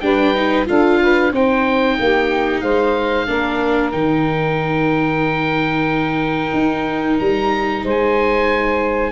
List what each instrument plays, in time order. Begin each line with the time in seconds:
0.00 tuba G3, viola D4, saxophone B4, oboe G5
0.34 viola D#4
0.65 tuba D4, viola F4, saxophone A4, oboe F5
1.02 saxophone B4
1.32 tuba C4, viola D#4, saxophone C5, oboe G5
1.99 tuba A#3, saxophone G4
2.61 tuba G#3, saxophone C5, oboe F5
3.26 tuba A#3, viola D4, saxophone A#4
3.91 tuba D#3, viola D#4, oboe G5
6.53 tuba D#4
7.19 tuba G3, oboe A#5
7.84 tuba G#3, saxophone C5, oboe G#5